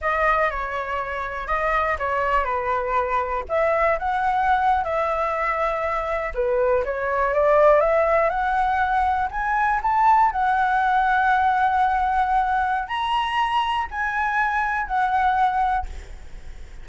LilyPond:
\new Staff \with { instrumentName = "flute" } { \time 4/4 \tempo 4 = 121 dis''4 cis''2 dis''4 | cis''4 b'2 e''4 | fis''4.~ fis''16 e''2~ e''16~ | e''8. b'4 cis''4 d''4 e''16~ |
e''8. fis''2 gis''4 a''16~ | a''8. fis''2.~ fis''16~ | fis''2 ais''2 | gis''2 fis''2 | }